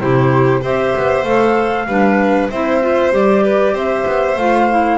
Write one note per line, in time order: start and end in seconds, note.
0.00 0.64 C3
0.00 0.62 E4
0.00 0.62 G4
0.00 0.63 C5
0.62 0.95 C4
0.62 1.25 G4
0.62 1.87 C5
0.62 1.24 E5
0.97 1.24 B3
1.24 1.87 A3
1.24 1.89 A4
1.24 2.49 F5
1.88 2.50 G3
1.88 2.52 D4
1.88 2.51 B4
2.51 3.12 C4
2.51 2.82 E4
2.51 3.44 C5
2.51 3.13 E5
2.82 3.12 F4
3.12 3.73 G3
3.12 4.37 G4
3.12 3.77 D5
3.44 3.74 B4
3.73 4.04 C4
3.73 4.98 C5
3.73 4.38 E5
4.07 4.37 B3
4.37 4.98 A3
4.37 4.70 F4
4.37 4.98 F5
4.70 4.98 E4